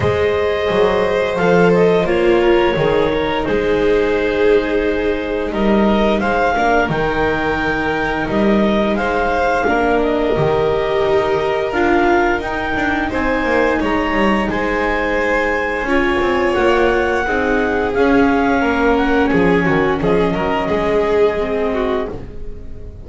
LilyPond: <<
  \new Staff \with { instrumentName = "clarinet" } { \time 4/4 \tempo 4 = 87 dis''2 f''8 dis''8 cis''4~ | cis''4 c''2. | dis''4 f''4 g''2 | dis''4 f''4. dis''4.~ |
dis''4 f''4 g''4 gis''4 | ais''4 gis''2. | fis''2 f''4. fis''8 | gis''4 dis''2. | }
  \new Staff \with { instrumentName = "violin" } { \time 4/4 c''2.~ c''8 ais'8 | gis'8 ais'8 gis'2. | ais'4 c''8 ais'2~ ais'8~ | ais'4 c''4 ais'2~ |
ais'2. c''4 | cis''4 c''2 cis''4~ | cis''4 gis'2 ais'4 | gis'8 fis'8 gis'8 ais'8 gis'4. fis'8 | }
  \new Staff \with { instrumentName = "viola" } { \time 4/4 gis'2 a'4 f'4 | dis'1~ | dis'4. d'8 dis'2~ | dis'2 d'4 g'4~ |
g'4 f'4 dis'2~ | dis'2. f'4~ | f'4 dis'4 cis'2~ | cis'2. c'4 | }
  \new Staff \with { instrumentName = "double bass" } { \time 4/4 gis4 fis4 f4 ais4 | dis4 gis2. | g4 gis8 ais8 dis2 | g4 gis4 ais4 dis4 |
dis'4 d'4 dis'8 d'8 c'8 ais8 | gis8 g8 gis2 cis'8 c'8 | ais4 c'4 cis'4 ais4 | f8 dis8 f8 fis8 gis2 | }
>>